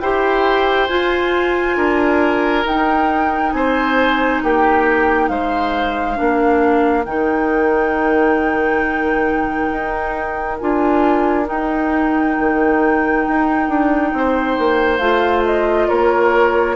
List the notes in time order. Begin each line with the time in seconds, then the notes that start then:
0.00 E4 G4 C5 G5
0.88 F4 G#5
1.77 D4 A#4
2.65 D#4 G5
3.53 C4 C5 G#5
4.44 A#3 G4 G5
5.28 G#3 C5 F5
6.16 A#3 D4 A#4
7.05 D#3 D#4 G5
9.71 D#4
10.59 D4 F4 G#5
11.45 D#4 G5
12.39 D#3
13.28 D#4
13.69 D4
14.13 C4 C5
14.58 A#3
14.98 A3 F4 F5
15.45 D#5
15.88 A#3 A#4 C#5